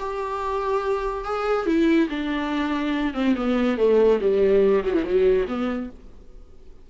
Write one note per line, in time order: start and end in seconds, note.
0.00 1.25 G4
1.25 1.67 G#4
1.67 2.09 E4
2.10 3.14 D4
3.14 3.36 C4
3.36 3.78 B3
3.78 4.20 A3
4.21 4.84 G3
4.85 4.94 F#3
4.94 5.05 E3
5.05 5.47 F#3
5.48 5.90 B3